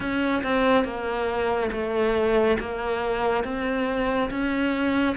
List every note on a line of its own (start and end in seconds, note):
0.00 0.42 C#4
0.43 0.84 C4
0.84 1.69 A#3
1.71 2.57 A3
2.59 3.44 A#3
3.44 4.29 C4
4.30 5.15 C#4